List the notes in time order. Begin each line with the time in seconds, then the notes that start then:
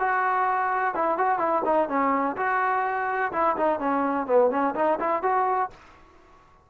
0.00 F#4
0.95 E4
1.18 F#4
1.39 E4
1.66 D#4
1.89 C#4
2.37 F#4
3.33 E4
3.57 D#4
3.80 C#4
4.27 B3
4.51 C#4
4.76 D#4
5.00 E4
5.23 F#4